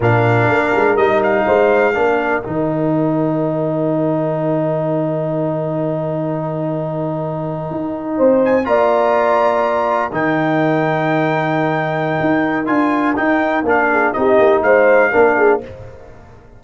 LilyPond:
<<
  \new Staff \with { instrumentName = "trumpet" } { \time 4/4 \tempo 4 = 123 f''2 dis''8 f''4.~ | f''4 g''2.~ | g''1~ | g''1~ |
g''4~ g''16 gis''8 ais''2~ ais''16~ | ais''8. g''2.~ g''16~ | g''2 gis''4 g''4 | f''4 dis''4 f''2 | }
  \new Staff \with { instrumentName = "horn" } { \time 4/4 ais'2. c''4 | ais'1~ | ais'1~ | ais'1~ |
ais'8. c''4 d''2~ d''16~ | d''8. ais'2.~ ais'16~ | ais'1~ | ais'8 gis'8 g'4 c''4 ais'8 gis'8 | }
  \new Staff \with { instrumentName = "trombone" } { \time 4/4 d'2 dis'2 | d'4 dis'2.~ | dis'1~ | dis'1~ |
dis'4.~ dis'16 f'2~ f'16~ | f'8. dis'2.~ dis'16~ | dis'2 f'4 dis'4 | d'4 dis'2 d'4 | }
  \new Staff \with { instrumentName = "tuba" } { \time 4/4 ais,4 ais8 gis8 g4 gis4 | ais4 dis2.~ | dis1~ | dis2.~ dis8. dis'16~ |
dis'8. c'4 ais2~ ais16~ | ais8. dis2.~ dis16~ | dis4 dis'4 d'4 dis'4 | ais4 c'8 ais8 gis4 ais4 | }
>>